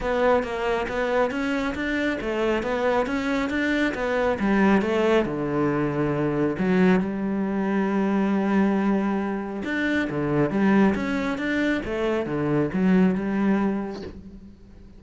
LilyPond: \new Staff \with { instrumentName = "cello" } { \time 4/4 \tempo 4 = 137 b4 ais4 b4 cis'4 | d'4 a4 b4 cis'4 | d'4 b4 g4 a4 | d2. fis4 |
g1~ | g2 d'4 d4 | g4 cis'4 d'4 a4 | d4 fis4 g2 | }